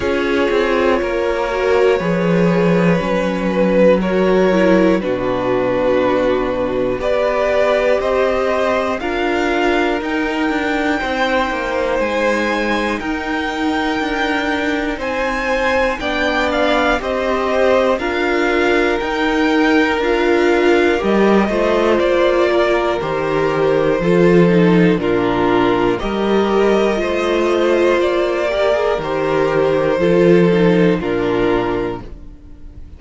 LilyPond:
<<
  \new Staff \with { instrumentName = "violin" } { \time 4/4 \tempo 4 = 60 cis''2.~ cis''8 b'8 | cis''4 b'2 d''4 | dis''4 f''4 g''2 | gis''4 g''2 gis''4 |
g''8 f''8 dis''4 f''4 g''4 | f''4 dis''4 d''4 c''4~ | c''4 ais'4 dis''2 | d''4 c''2 ais'4 | }
  \new Staff \with { instrumentName = "violin" } { \time 4/4 gis'4 ais'4 b'2 | ais'4 fis'2 b'4 | c''4 ais'2 c''4~ | c''4 ais'2 c''4 |
d''4 c''4 ais'2~ | ais'4. c''4 ais'4. | a'4 f'4 ais'4 c''4~ | c''8 ais'4. a'4 f'4 | }
  \new Staff \with { instrumentName = "viola" } { \time 4/4 f'4. fis'8 gis'4 cis'4 | fis'8 e'8 d'2 g'4~ | g'4 f'4 dis'2~ | dis'1 |
d'4 g'4 f'4 dis'4 | f'4 g'8 f'4. g'4 | f'8 dis'8 d'4 g'4 f'4~ | f'8 g'16 gis'16 g'4 f'8 dis'8 d'4 | }
  \new Staff \with { instrumentName = "cello" } { \time 4/4 cis'8 c'8 ais4 f4 fis4~ | fis4 b,2 b4 | c'4 d'4 dis'8 d'8 c'8 ais8 | gis4 dis'4 d'4 c'4 |
b4 c'4 d'4 dis'4 | d'4 g8 a8 ais4 dis4 | f4 ais,4 g4 a4 | ais4 dis4 f4 ais,4 | }
>>